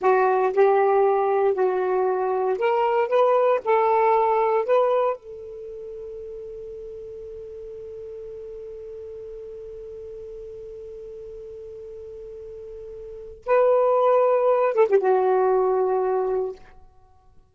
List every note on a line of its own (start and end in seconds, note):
0.01 0.52 F#4
0.53 1.54 G4
1.54 2.57 F#4
2.58 3.08 A#4
3.08 3.59 B4
3.64 4.65 A4
4.65 5.16 B4
5.16 13.43 A4
13.46 14.74 B4
14.74 14.87 A4
14.89 15.00 G4
15.00 16.55 F#4